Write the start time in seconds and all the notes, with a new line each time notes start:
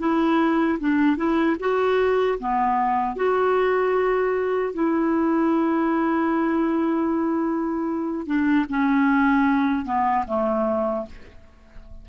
0.00 E4
0.80 D4
1.17 E4
1.60 F#4
2.40 B3
3.17 F#4
4.74 E4
8.27 D4
8.70 C#4
9.86 B3
10.28 A3